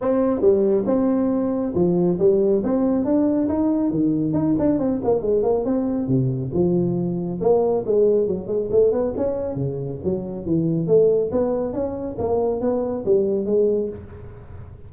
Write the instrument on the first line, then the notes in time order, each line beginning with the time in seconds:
tuba
0.01 C4
0.40 G3
0.86 C4
1.74 F3
2.18 G3
2.63 C4
3.04 D4
3.48 D#4
3.90 D#3
4.33 D#4
4.58 D4
4.78 C4
5.04 A#3
5.21 G#3
5.42 A#3
5.64 C4
6.07 C3
6.53 F3
7.40 A#3
7.86 G#3
8.27 F#3
8.47 G#3
8.71 A3
8.92 B3
9.16 C#4
9.55 C#3
10.03 F#3
10.45 E3
10.87 A3
11.31 B3
11.73 C#4
12.18 A#3
12.60 B3
13.05 G3
13.45 G#3